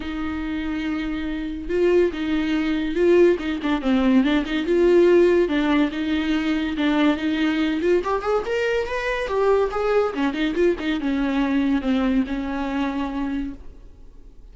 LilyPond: \new Staff \with { instrumentName = "viola" } { \time 4/4 \tempo 4 = 142 dis'1 | f'4 dis'2 f'4 | dis'8 d'8 c'4 d'8 dis'8 f'4~ | f'4 d'4 dis'2 |
d'4 dis'4. f'8 g'8 gis'8 | ais'4 b'4 g'4 gis'4 | cis'8 dis'8 f'8 dis'8 cis'2 | c'4 cis'2. | }